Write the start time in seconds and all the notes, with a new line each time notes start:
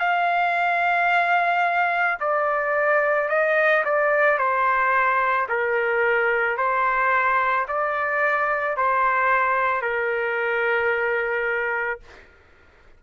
0.00 F5
2.20 D5
3.29 D#5
3.85 D5
4.38 C5
5.49 A#4
6.58 C5
7.68 D5
8.77 C5
9.82 A#4